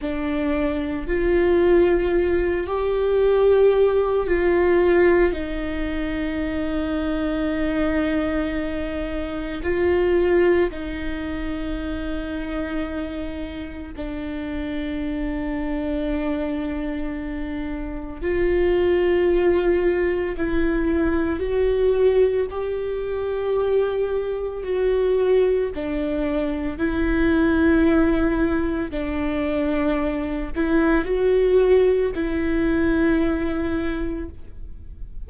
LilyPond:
\new Staff \with { instrumentName = "viola" } { \time 4/4 \tempo 4 = 56 d'4 f'4. g'4. | f'4 dis'2.~ | dis'4 f'4 dis'2~ | dis'4 d'2.~ |
d'4 f'2 e'4 | fis'4 g'2 fis'4 | d'4 e'2 d'4~ | d'8 e'8 fis'4 e'2 | }